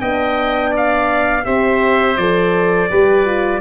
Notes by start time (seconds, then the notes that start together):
0.00 B3 D4 D#5 G5
0.70 D5
0.77 F5
1.43 C4 G4 C5 E5
2.17 F3 A4 D5
2.90 G3 G4 B4
3.25 F4